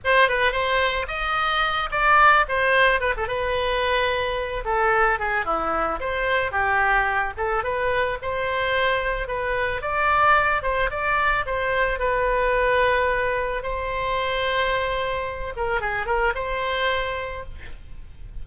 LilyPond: \new Staff \with { instrumentName = "oboe" } { \time 4/4 \tempo 4 = 110 c''8 b'8 c''4 dis''4. d''8~ | d''8 c''4 b'16 a'16 b'2~ | b'8 a'4 gis'8 e'4 c''4 | g'4. a'8 b'4 c''4~ |
c''4 b'4 d''4. c''8 | d''4 c''4 b'2~ | b'4 c''2.~ | c''8 ais'8 gis'8 ais'8 c''2 | }